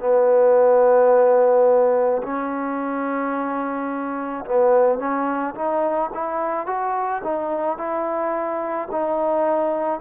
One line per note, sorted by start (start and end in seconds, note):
0.00 2.22 B3
2.23 4.45 C#4
4.45 4.99 B3
4.99 5.55 C#4
5.55 6.11 D#4
6.14 6.67 E4
6.67 7.22 F#4
7.24 7.78 D#4
7.78 8.89 E4
8.91 10.01 D#4